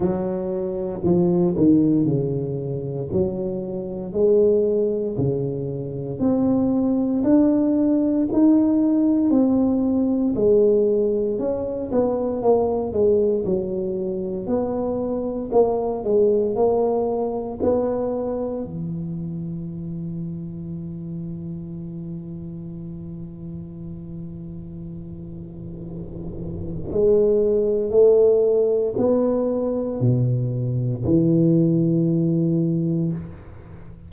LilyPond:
\new Staff \with { instrumentName = "tuba" } { \time 4/4 \tempo 4 = 58 fis4 f8 dis8 cis4 fis4 | gis4 cis4 c'4 d'4 | dis'4 c'4 gis4 cis'8 b8 | ais8 gis8 fis4 b4 ais8 gis8 |
ais4 b4 e2~ | e1~ | e2 gis4 a4 | b4 b,4 e2 | }